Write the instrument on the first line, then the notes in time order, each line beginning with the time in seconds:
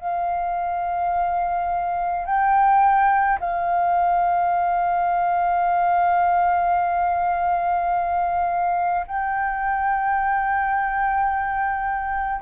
flute
0.00 F5
2.26 G5
3.40 F5
9.07 G5